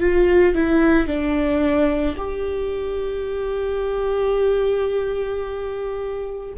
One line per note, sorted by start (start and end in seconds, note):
0.00 0.55 F4
0.55 1.07 E4
1.07 2.16 D4
2.17 6.53 G4